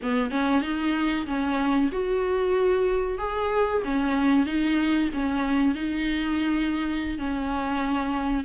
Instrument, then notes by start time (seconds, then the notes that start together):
viola
0.02 B3
0.30 C#4
0.62 D#4
1.26 C#4
1.91 F#4
3.18 G#4
3.84 C#4
4.45 D#4
5.13 C#4
5.74 D#4
7.18 C#4